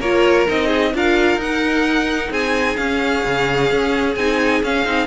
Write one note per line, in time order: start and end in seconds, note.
0.00 0.47 A#3
0.00 0.47 F4
0.00 0.67 A#4
0.00 0.48 C#5
0.47 0.95 C4
0.47 0.93 D#4
0.47 0.95 D#5
0.67 0.90 G#4
0.95 1.37 D4
0.95 1.41 F4
0.95 2.31 A#4
0.95 1.41 F5
1.37 2.29 D#4
1.37 2.78 D#4
1.37 2.33 F#5
2.31 2.77 C4
2.31 5.08 G#4
2.31 2.77 G#5
2.77 4.16 C#4
2.77 3.25 C#4
2.77 4.15 F5
3.25 3.71 C#3
3.71 4.16 C#4
4.16 4.63 C4
4.16 4.64 D#4
4.16 4.63 G#5
4.64 4.86 C#4
4.64 4.85 C#4
4.64 5.08 F5
4.85 5.08 C4
4.85 5.08 D#4